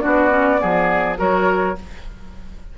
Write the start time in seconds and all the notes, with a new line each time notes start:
0.00 B3 D4 F#4 D5
0.29 C#4
0.58 F3 B3 G#4
1.17 F#3 F#4 A#4 C#5